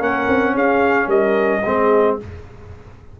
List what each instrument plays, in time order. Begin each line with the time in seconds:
0.00 tuba A#3, trombone C#4, horn A#4, trumpet F#5
0.28 tuba C4
0.54 tuba C#4, horn G#4, trumpet F5
1.07 tuba G3, horn A#4, trumpet D#5
1.64 tuba G#3, trombone C4, horn G#4